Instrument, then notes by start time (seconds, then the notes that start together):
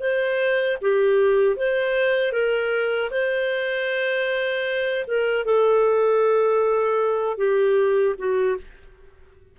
clarinet
0.00 C5
0.82 G4
1.56 C5
2.33 A#4
3.11 C5
5.07 A#4
5.45 A4
7.38 G4
8.18 F#4